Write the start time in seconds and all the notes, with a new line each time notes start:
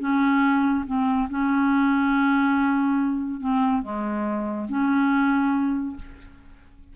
0.00 C#4
0.86 C4
1.30 C#4
3.41 C4
3.82 G#3
4.69 C#4